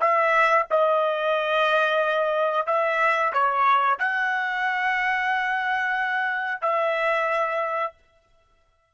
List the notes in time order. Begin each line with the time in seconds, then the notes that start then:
0.00 E5
0.70 D#5
2.66 E5
3.33 C#5
3.99 F#5
6.61 E5